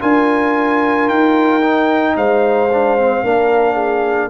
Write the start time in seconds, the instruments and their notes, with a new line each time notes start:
0.00 tuba D4, trombone F4, horn A#4, trumpet G#5
1.08 tuba D#4, trumpet G5
1.61 trombone D#4
2.16 tuba G#3, horn C5, trumpet F5
2.72 trombone D4
2.98 trombone C4
3.23 tuba A#3, trombone D4, horn A#4
3.74 horn G#4